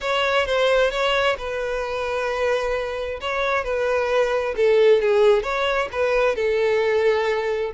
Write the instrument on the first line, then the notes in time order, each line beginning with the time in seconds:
violin
0.00 C#5
0.46 C5
0.90 C#5
1.38 B4
3.20 C#5
3.64 B4
4.56 A4
5.01 G#4
5.43 C#5
5.92 B4
6.35 A4